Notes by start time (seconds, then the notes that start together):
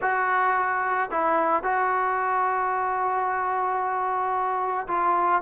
0.01 F#4
1.11 E4
1.63 F#4
4.87 F4